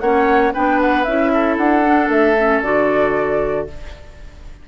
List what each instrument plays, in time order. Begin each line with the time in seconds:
0.00 bassoon A#3, clarinet C#4, oboe C#5, flute F#5
0.53 bassoon B3, clarinet D4, oboe B4, flute G5
0.81 flute F#5
1.04 bassoon C#4, clarinet E4, flute E5
1.33 oboe A4
1.57 bassoon D4, flute F#5
1.84 clarinet D4
2.09 bassoon A3, flute E5
2.39 clarinet C#4
2.62 bassoon D3, clarinet F#4, flute D5